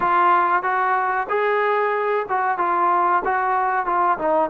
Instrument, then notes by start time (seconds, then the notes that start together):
trombone
0.00 F4
0.62 F#4
1.29 G#4
2.28 F#4
2.58 F4
3.24 F#4
3.85 F4
4.18 D#4